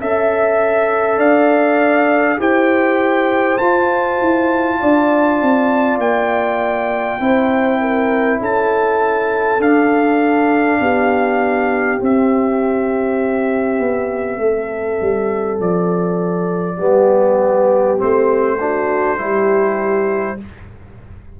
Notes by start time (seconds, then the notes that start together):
0.00 C#4 A4 E5
1.17 D4 D5 F5
2.38 E4 G4 C5 G5
3.58 F4 A5
4.21 E4
4.79 D4 D5
5.42 C4
5.98 A#3 G5
7.20 C4 E4 C5
7.80 A#4
8.40 C#4 A4 A5
9.59 D4 F5
10.80 B3 G4
11.99 C4 E5
13.79 B3
14.38 A3 A4
15.01 G3
15.60 F3 D5
16.77 G3 B3 G4
17.98 A3 C4 C5
18.60 D4 F#4
19.17 G3 E4 G4